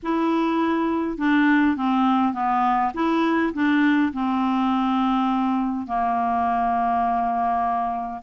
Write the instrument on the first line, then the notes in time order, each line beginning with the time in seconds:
clarinet
0.02 E4
1.17 D4
1.76 C4
2.33 B3
2.94 E4
3.53 D4
4.12 C4
5.87 A#3